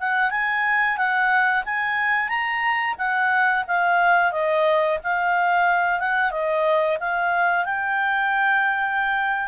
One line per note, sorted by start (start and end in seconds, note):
0.00 0.31 F#5
0.31 0.98 G#5
0.98 1.64 F#5
1.65 2.29 G#5
2.29 2.95 A#5
2.98 3.65 F#5
3.68 4.32 F5
4.32 4.99 D#5
5.04 6.00 F5
6.00 6.31 F#5
6.31 6.98 D#5
7.00 7.65 F5
7.65 9.48 G5